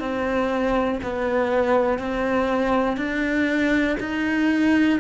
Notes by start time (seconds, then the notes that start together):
0.00 C4
1.03 B3
1.99 C4
2.97 D4
4.00 D#4